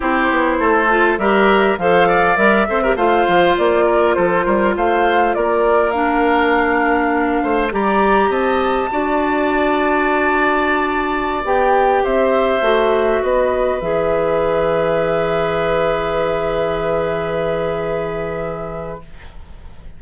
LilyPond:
<<
  \new Staff \with { instrumentName = "flute" } { \time 4/4 \tempo 4 = 101 c''2 e''4 f''4 | e''4 f''4 d''4 c''4 | f''4 d''4 f''2~ | f''4 ais''4 a''2~ |
a''2.~ a''16 g''8.~ | g''16 e''2 dis''4 e''8.~ | e''1~ | e''1 | }
  \new Staff \with { instrumentName = "oboe" } { \time 4/4 g'4 a'4 ais'4 c''8 d''8~ | d''8 c''16 ais'16 c''4. ais'8 a'8 ais'8 | c''4 ais'2.~ | ais'8 c''8 d''4 dis''4 d''4~ |
d''1~ | d''16 c''2 b'4.~ b'16~ | b'1~ | b'1 | }
  \new Staff \with { instrumentName = "clarinet" } { \time 4/4 e'4. f'8 g'4 a'4 | ais'8 a'16 g'16 f'2.~ | f'2 d'2~ | d'4 g'2 fis'4~ |
fis'2.~ fis'16 g'8.~ | g'4~ g'16 fis'2 gis'8.~ | gis'1~ | gis'1 | }
  \new Staff \with { instrumentName = "bassoon" } { \time 4/4 c'8 b8 a4 g4 f4 | g8 c'8 a8 f8 ais4 f8 g8 | a4 ais2.~ | ais8 a8 g4 c'4 d'4~ |
d'2.~ d'16 b8.~ | b16 c'4 a4 b4 e8.~ | e1~ | e1 | }
>>